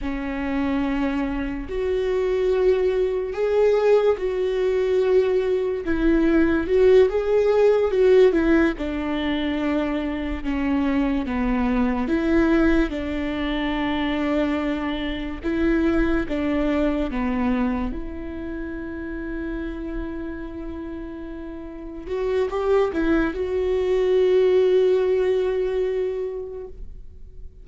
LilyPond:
\new Staff \with { instrumentName = "viola" } { \time 4/4 \tempo 4 = 72 cis'2 fis'2 | gis'4 fis'2 e'4 | fis'8 gis'4 fis'8 e'8 d'4.~ | d'8 cis'4 b4 e'4 d'8~ |
d'2~ d'8 e'4 d'8~ | d'8 b4 e'2~ e'8~ | e'2~ e'8 fis'8 g'8 e'8 | fis'1 | }